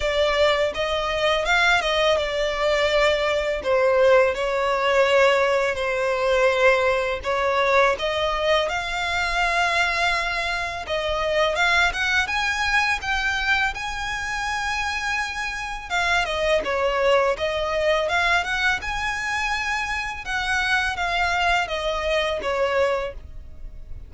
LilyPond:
\new Staff \with { instrumentName = "violin" } { \time 4/4 \tempo 4 = 83 d''4 dis''4 f''8 dis''8 d''4~ | d''4 c''4 cis''2 | c''2 cis''4 dis''4 | f''2. dis''4 |
f''8 fis''8 gis''4 g''4 gis''4~ | gis''2 f''8 dis''8 cis''4 | dis''4 f''8 fis''8 gis''2 | fis''4 f''4 dis''4 cis''4 | }